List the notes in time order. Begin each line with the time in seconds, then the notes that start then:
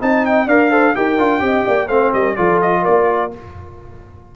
0.00 C4 D#4 D#5 A5
0.26 G5
0.46 D4 A#4 D5 F5
0.70 A4 C5
0.94 D#4 G4 A#4 G5
1.18 D4 F4
1.39 C4 G4 D#5
1.65 A#3 D5
1.88 A3 C4 C5 F5
2.13 G3 A#4 D#5
2.36 F3 F4 A4 D5
2.61 D#5
2.82 A#4 D5
2.88 A#3